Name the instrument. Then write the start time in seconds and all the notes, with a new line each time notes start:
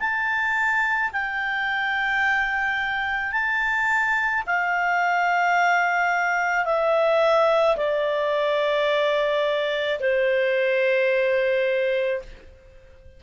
clarinet
0.00 A5
1.13 G5
3.32 A5
4.47 F5
6.66 E5
7.77 D5
10.00 C5